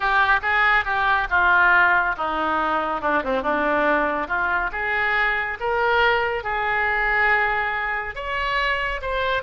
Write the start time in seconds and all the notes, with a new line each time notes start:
0.00 G4
0.42 G#4
0.84 G4
1.30 F4
2.17 D#4
3.01 D4
3.23 C4
3.42 D4
4.27 F4
4.72 G#4
5.59 A#4
6.43 G#4
8.15 C#5
9.01 C5